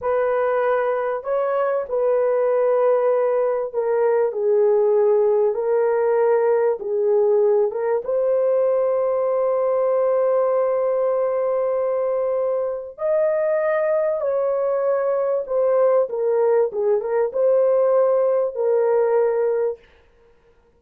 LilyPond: \new Staff \with { instrumentName = "horn" } { \time 4/4 \tempo 4 = 97 b'2 cis''4 b'4~ | b'2 ais'4 gis'4~ | gis'4 ais'2 gis'4~ | gis'8 ais'8 c''2.~ |
c''1~ | c''4 dis''2 cis''4~ | cis''4 c''4 ais'4 gis'8 ais'8 | c''2 ais'2 | }